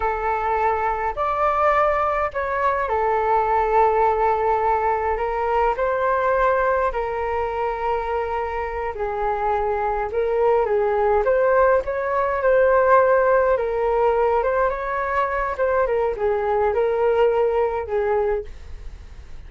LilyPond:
\new Staff \with { instrumentName = "flute" } { \time 4/4 \tempo 4 = 104 a'2 d''2 | cis''4 a'2.~ | a'4 ais'4 c''2 | ais'2.~ ais'8 gis'8~ |
gis'4. ais'4 gis'4 c''8~ | c''8 cis''4 c''2 ais'8~ | ais'4 c''8 cis''4. c''8 ais'8 | gis'4 ais'2 gis'4 | }